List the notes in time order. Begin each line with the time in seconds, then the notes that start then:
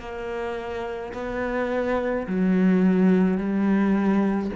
0.00 A#3
1.14 B3
2.27 F#3
3.38 G3